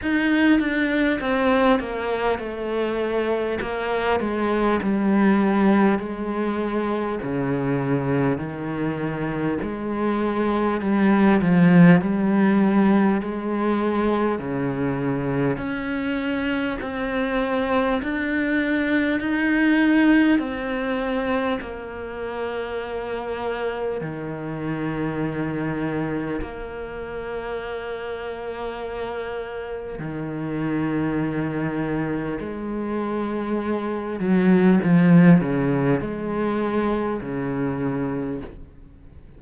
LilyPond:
\new Staff \with { instrumentName = "cello" } { \time 4/4 \tempo 4 = 50 dis'8 d'8 c'8 ais8 a4 ais8 gis8 | g4 gis4 cis4 dis4 | gis4 g8 f8 g4 gis4 | cis4 cis'4 c'4 d'4 |
dis'4 c'4 ais2 | dis2 ais2~ | ais4 dis2 gis4~ | gis8 fis8 f8 cis8 gis4 cis4 | }